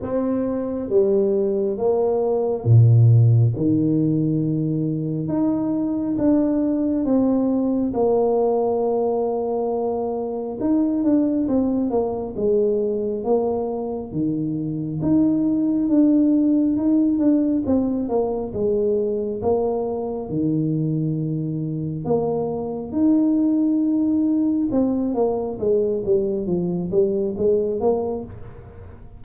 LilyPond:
\new Staff \with { instrumentName = "tuba" } { \time 4/4 \tempo 4 = 68 c'4 g4 ais4 ais,4 | dis2 dis'4 d'4 | c'4 ais2. | dis'8 d'8 c'8 ais8 gis4 ais4 |
dis4 dis'4 d'4 dis'8 d'8 | c'8 ais8 gis4 ais4 dis4~ | dis4 ais4 dis'2 | c'8 ais8 gis8 g8 f8 g8 gis8 ais8 | }